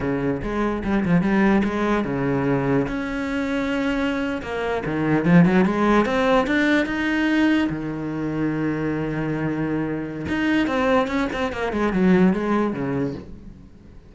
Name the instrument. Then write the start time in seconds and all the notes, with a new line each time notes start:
cello
0.00 C#3
0.42 G#3
0.84 G3
1.05 F3
1.21 G3
1.63 G#3
2.04 C#3
2.87 C#4
4.42 A#3
4.85 D#3
5.25 F3
5.45 F#3
5.65 G#3
6.05 C4
6.47 D4
6.86 D#4
7.69 D#3
10.28 D#4
10.67 C4
11.07 C#4
11.32 C4
11.52 A#3
11.72 G#3
11.93 F#3
12.33 G#3
12.73 C#3